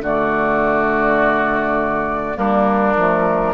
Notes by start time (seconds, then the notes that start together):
0.00 D3 A3 F#4 D5
2.35 G3 A#3 D4 A#4
2.96 F3 A3